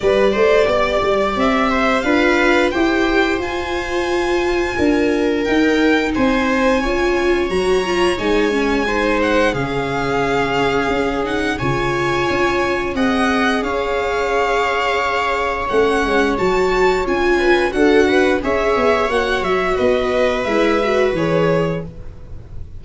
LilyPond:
<<
  \new Staff \with { instrumentName = "violin" } { \time 4/4 \tempo 4 = 88 d''2 e''4 f''4 | g''4 gis''2. | g''4 gis''2 ais''4 | gis''4. fis''8 f''2~ |
f''8 fis''8 gis''2 fis''4 | f''2. fis''4 | a''4 gis''4 fis''4 e''4 | fis''8 e''8 dis''4 e''4 cis''4 | }
  \new Staff \with { instrumentName = "viola" } { \time 4/4 b'8 c''8 d''4. c''8 b'4 | c''2. ais'4~ | ais'4 c''4 cis''2~ | cis''4 c''4 gis'2~ |
gis'4 cis''2 dis''4 | cis''1~ | cis''4. b'8 a'8 b'8 cis''4~ | cis''4 b'2. | }
  \new Staff \with { instrumentName = "viola" } { \time 4/4 g'2. f'4 | g'4 f'2. | dis'2 f'4 fis'8 f'8 | dis'8 cis'8 dis'4 cis'2~ |
cis'8 dis'8 f'2 gis'4~ | gis'2. cis'4 | fis'4 f'4 fis'4 gis'4 | fis'2 e'8 fis'8 gis'4 | }
  \new Staff \with { instrumentName = "tuba" } { \time 4/4 g8 a8 b8 g8 c'4 d'4 | e'4 f'2 d'4 | dis'4 c'4 cis'4 fis4 | gis2 cis2 |
cis'4 cis4 cis'4 c'4 | cis'2. a8 gis8 | fis4 cis'4 d'4 cis'8 b8 | ais8 fis8 b4 gis4 e4 | }
>>